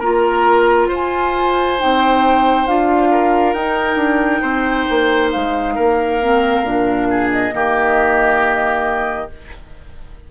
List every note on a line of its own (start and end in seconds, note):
0.00 0.89 A#3
0.00 1.79 F4
0.00 0.88 A#4
0.00 0.88 A#5
0.88 1.78 F4
0.88 3.09 C5
0.88 1.80 G#5
1.79 2.67 C4
1.79 2.67 D#4
1.79 2.67 G5
2.67 3.54 D4
2.67 3.56 F4
2.67 3.54 F5
3.11 4.42 A#4
3.54 3.96 D#4
3.54 6.22 D#4
3.54 5.30 G5
3.96 4.40 D4
4.42 4.87 C4
4.42 5.74 C5
4.90 5.34 A#3
5.32 5.78 G#3
5.32 7.30 F5
5.75 6.63 A#3
5.75 7.08 A#4
6.22 6.65 C4
6.63 7.51 A#2
6.63 7.52 D4
7.10 7.55 G#4
7.31 9.30 D#5
7.52 9.30 D#3
7.52 9.28 A#3
7.52 9.31 G4